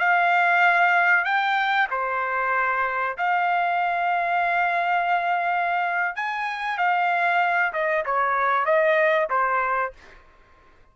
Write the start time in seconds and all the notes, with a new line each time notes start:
0.00 F5
1.25 G5
1.91 C5
3.18 F5
6.16 G#5
6.78 F5
7.73 D#5
8.06 C#5
8.66 D#5
9.30 C5